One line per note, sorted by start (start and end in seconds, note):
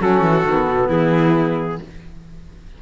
0.00 0.22 F#3
0.00 0.45 C#4
0.00 0.88 F#4
0.00 0.92 A4
0.22 0.44 E3
0.45 0.68 D#3
0.45 1.82 B3
0.68 0.89 B2
0.88 1.79 E3
0.88 1.78 E4
0.88 1.82 G#4